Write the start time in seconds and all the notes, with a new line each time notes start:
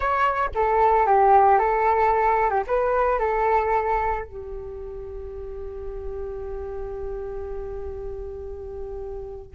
0.00 C#5
0.54 A4
1.06 G4
1.58 A4
2.50 G4
2.67 B4
3.19 A4
4.25 G4